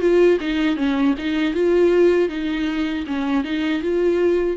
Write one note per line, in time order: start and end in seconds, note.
0.00 0.38 F4
0.40 0.76 D#4
0.76 1.14 C#4
1.18 1.54 D#4
1.54 2.29 F4
2.29 3.04 D#4
3.07 3.44 C#4
3.44 3.81 D#4
3.81 4.57 F4